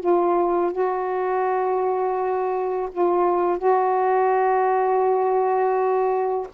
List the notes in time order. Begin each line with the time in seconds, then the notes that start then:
0.00 F4
0.72 F#4
2.92 F4
3.58 F#4